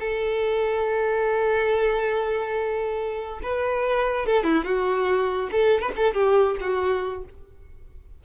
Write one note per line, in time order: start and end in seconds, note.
0.00 3.40 A4
3.43 4.27 B4
4.27 4.44 A4
4.44 4.65 E4
4.65 5.50 F#4
5.52 5.82 A4
5.82 5.92 B4
5.97 6.14 A4
6.14 6.57 G4
6.61 7.25 F#4